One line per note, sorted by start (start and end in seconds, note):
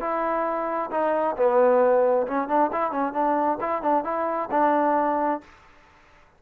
0.00 0.90 E4
0.91 1.36 D#4
1.36 2.26 B3
2.27 2.48 C#4
2.48 2.71 D4
2.72 2.91 E4
2.91 3.13 C#4
3.13 3.58 D4
3.61 3.82 E4
3.82 4.04 D4
4.04 4.49 E4
4.51 5.41 D4